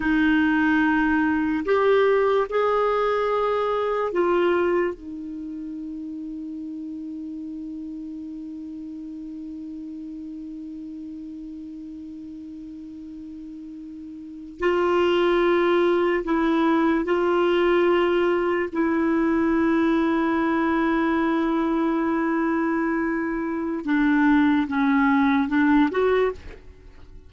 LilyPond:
\new Staff \with { instrumentName = "clarinet" } { \time 4/4 \tempo 4 = 73 dis'2 g'4 gis'4~ | gis'4 f'4 dis'2~ | dis'1~ | dis'1~ |
dis'4.~ dis'16 f'2 e'16~ | e'8. f'2 e'4~ e'16~ | e'1~ | e'4 d'4 cis'4 d'8 fis'8 | }